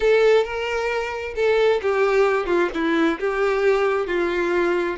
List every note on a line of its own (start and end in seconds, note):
0.00 0.44 A4
0.44 1.34 A#4
1.35 1.80 A4
1.82 2.46 G4
2.46 2.69 F4
2.74 3.19 E4
3.19 4.06 G4
4.06 4.96 F4